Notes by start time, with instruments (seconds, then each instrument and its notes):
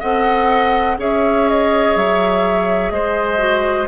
0.00 bassoon C4, clarinet A4, oboe D#5, flute F#5
0.98 bassoon C#4, clarinet G#4, oboe C#5, flute E5
1.49 flute D#5
1.96 bassoon F#3, flute E5
2.91 bassoon G#3, oboe C5, flute D#5
3.38 clarinet F#4